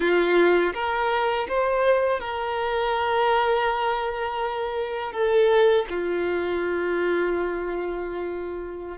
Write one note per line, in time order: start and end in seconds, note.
0.00 0.73 F4
0.74 1.47 A#4
1.48 2.20 C5
2.20 5.12 A#4
5.12 5.85 A4
5.89 8.97 F4